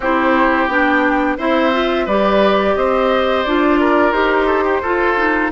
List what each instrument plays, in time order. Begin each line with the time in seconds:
0.00 bassoon C4, clarinet E4, oboe G4, flute C5
0.67 bassoon B3, clarinet D4, flute G5
1.37 bassoon C4, clarinet E4, oboe C5, flute E5
1.73 clarinet F4
2.05 bassoon G3, clarinet G4, oboe B4, flute D5
2.76 bassoon C4, oboe C5, flute D#5
3.44 bassoon D4, clarinet F4, flute D5
3.79 oboe A#4
4.11 bassoon D#4, clarinet G4, flute C5
4.46 oboe A4
4.64 oboe G4
4.82 bassoon F4, clarinet F4, oboe A4
5.17 clarinet D#4